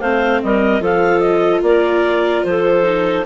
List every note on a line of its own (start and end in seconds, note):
0.00 0.42 A3
0.00 0.81 C4
0.00 0.41 C5
0.00 0.41 F5
0.43 0.81 G3
0.43 0.82 A#4
0.43 0.83 D#5
0.81 1.62 F3
0.81 2.84 F4
0.81 1.63 A4
0.81 1.20 F5
1.20 1.60 D#5
1.62 2.43 A#3
1.62 2.47 A#4
1.62 2.44 D5
2.44 3.26 F3
2.44 3.26 A4
2.44 3.25 C5
2.84 3.24 D#4